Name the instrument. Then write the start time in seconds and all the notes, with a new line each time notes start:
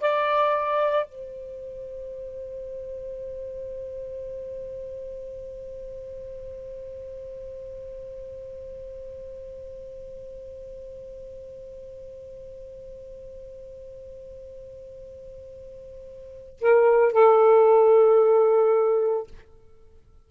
saxophone
0.00 D5
1.06 C5
16.60 A#4
17.12 A4